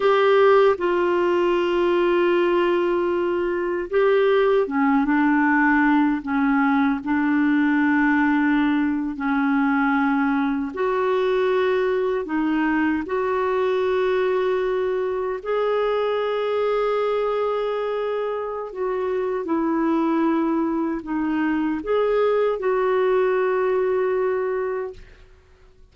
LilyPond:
\new Staff \with { instrumentName = "clarinet" } { \time 4/4 \tempo 4 = 77 g'4 f'2.~ | f'4 g'4 cis'8 d'4. | cis'4 d'2~ d'8. cis'16~ | cis'4.~ cis'16 fis'2 dis'16~ |
dis'8. fis'2. gis'16~ | gis'1 | fis'4 e'2 dis'4 | gis'4 fis'2. | }